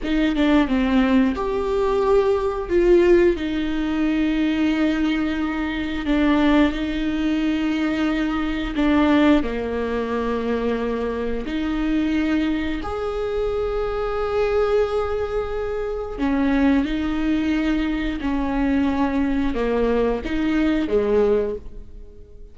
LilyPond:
\new Staff \with { instrumentName = "viola" } { \time 4/4 \tempo 4 = 89 dis'8 d'8 c'4 g'2 | f'4 dis'2.~ | dis'4 d'4 dis'2~ | dis'4 d'4 ais2~ |
ais4 dis'2 gis'4~ | gis'1 | cis'4 dis'2 cis'4~ | cis'4 ais4 dis'4 gis4 | }